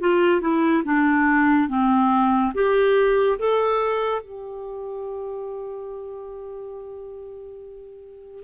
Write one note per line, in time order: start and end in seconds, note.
0.00 0.40 F4
0.40 0.83 E4
0.85 1.68 D4
1.68 2.53 C4
2.54 3.38 G4
3.38 4.21 A4
4.21 8.43 G4